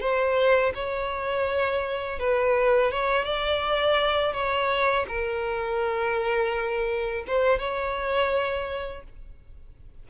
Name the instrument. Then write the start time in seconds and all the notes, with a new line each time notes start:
violin
0.00 C5
0.74 C#5
2.19 B4
2.91 C#5
3.24 D5
4.33 C#5
5.08 A#4
7.27 C5
7.58 C#5